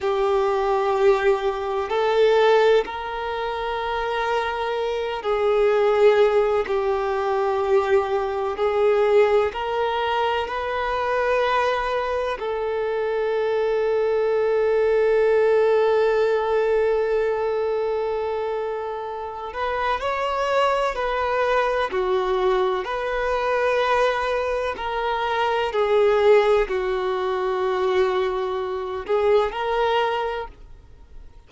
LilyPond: \new Staff \with { instrumentName = "violin" } { \time 4/4 \tempo 4 = 63 g'2 a'4 ais'4~ | ais'4. gis'4. g'4~ | g'4 gis'4 ais'4 b'4~ | b'4 a'2.~ |
a'1~ | a'8 b'8 cis''4 b'4 fis'4 | b'2 ais'4 gis'4 | fis'2~ fis'8 gis'8 ais'4 | }